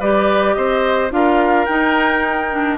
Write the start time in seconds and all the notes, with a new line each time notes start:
0.00 G3 G4 B4 D5
0.55 C4 C5 D#5
1.11 D4 F4 A#4 F5
1.66 D#4 G5
2.51 D4